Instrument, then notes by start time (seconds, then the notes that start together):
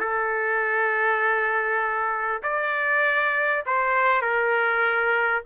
trumpet
0.00 A4
2.43 D5
3.67 C5
4.22 A#4